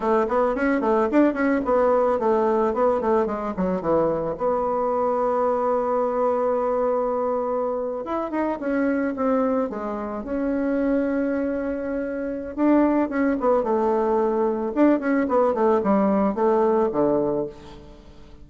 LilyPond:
\new Staff \with { instrumentName = "bassoon" } { \time 4/4 \tempo 4 = 110 a8 b8 cis'8 a8 d'8 cis'8 b4 | a4 b8 a8 gis8 fis8 e4 | b1~ | b2~ b8. e'8 dis'8 cis'16~ |
cis'8. c'4 gis4 cis'4~ cis'16~ | cis'2. d'4 | cis'8 b8 a2 d'8 cis'8 | b8 a8 g4 a4 d4 | }